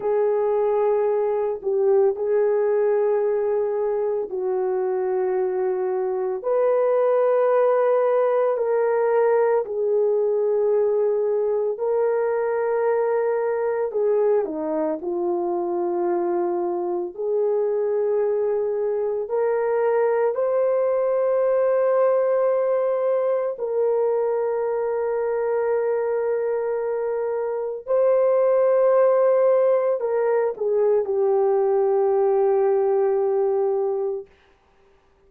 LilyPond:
\new Staff \with { instrumentName = "horn" } { \time 4/4 \tempo 4 = 56 gis'4. g'8 gis'2 | fis'2 b'2 | ais'4 gis'2 ais'4~ | ais'4 gis'8 dis'8 f'2 |
gis'2 ais'4 c''4~ | c''2 ais'2~ | ais'2 c''2 | ais'8 gis'8 g'2. | }